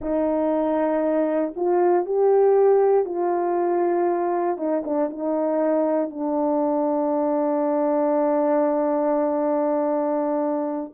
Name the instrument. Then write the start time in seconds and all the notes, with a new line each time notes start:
horn
0.00 D#4
1.55 F4
2.05 G4
3.05 F4
4.57 D#4
4.84 D4
5.09 D#4
6.10 D4